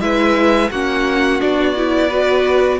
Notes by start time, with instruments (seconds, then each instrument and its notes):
0.00 cello G#3, viola E4, violin B4 E5
0.70 cello A#3, viola C#4, violin F#4 F#5
1.40 cello B3, viola D4, violin D5
1.76 viola E4
2.08 viola F#4, violin B4